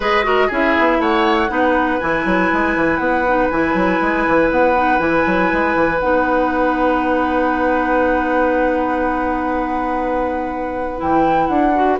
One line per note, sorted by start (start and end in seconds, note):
0.00 0.49 G#3
0.00 0.23 G#4
0.00 0.25 B4
0.00 0.52 D#5
0.23 0.48 F#4
0.23 0.47 A#4
0.47 0.76 C#4
0.47 1.48 E4
0.47 0.97 G#4
0.53 1.01 E5
0.79 0.99 B3
0.99 1.49 A3
0.99 1.50 C#5
0.99 1.99 F#5
1.48 1.99 B3
1.48 1.98 D#4
1.48 11.99 B4
1.99 2.25 E3
1.99 3.26 E4
1.99 2.97 G#5
2.25 2.50 F#3
2.52 2.76 G#3
2.76 2.99 E3
2.97 3.49 B3
2.97 3.47 F#5
3.27 3.51 D#4
3.49 3.73 E3
3.49 4.76 E4
3.49 4.49 G#5
3.73 3.98 F#3
4.01 4.26 G#3
4.27 4.50 E3
4.50 4.99 B3
4.50 4.99 F#5
4.76 4.98 D#4
4.98 5.24 E3
4.98 5.98 E4
4.98 5.99 G#5
5.26 5.51 F#3
5.52 5.75 G#3
5.75 6.00 E3
5.99 11.01 B3
5.99 10.97 D#4
5.99 10.99 F#5
10.97 11.48 E3
10.97 11.72 E4
10.97 11.46 G5
11.46 11.98 D4
11.46 11.96 F#5
11.74 11.99 F#4